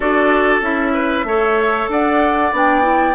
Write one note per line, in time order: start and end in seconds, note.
0.00 0.61 D4
0.00 0.62 F#4
0.00 0.92 A4
0.00 0.61 D5
0.61 1.24 C#4
0.61 1.25 E4
0.61 1.89 E5
0.93 1.25 B4
1.24 1.87 A3
1.24 2.53 A4
1.24 1.91 C#5
1.88 2.51 D4
1.88 3.15 D5
1.88 2.54 F#5
2.52 3.15 B3
2.52 2.81 D4
2.52 3.15 G5
2.81 3.13 E4